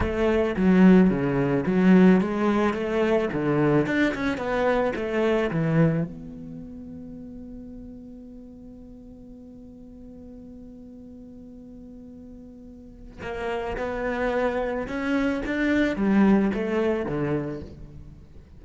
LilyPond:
\new Staff \with { instrumentName = "cello" } { \time 4/4 \tempo 4 = 109 a4 fis4 cis4 fis4 | gis4 a4 d4 d'8 cis'8 | b4 a4 e4 b4~ | b1~ |
b1~ | b1 | ais4 b2 cis'4 | d'4 g4 a4 d4 | }